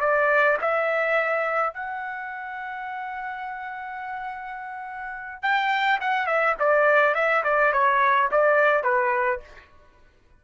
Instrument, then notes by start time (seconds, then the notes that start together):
trumpet
0.00 D5
0.61 E5
1.74 F#5
5.42 G5
6.01 F#5
6.26 E5
6.59 D5
7.14 E5
7.44 D5
7.72 C#5
8.31 D5
8.83 B4